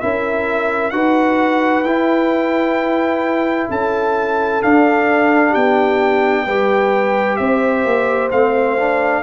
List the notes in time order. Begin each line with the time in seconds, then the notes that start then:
0.00 C#4 E4 A#4 E5
0.90 D#4 F#4 B4 F#5
1.82 E4 G5
3.70 C#4 A4 A5
4.62 D4 F5
5.50 B3 G4 G5
6.45 G3 G4 B4
7.36 C4 C5 E5
7.84 A#3
8.31 A3 C4 F5
8.78 D4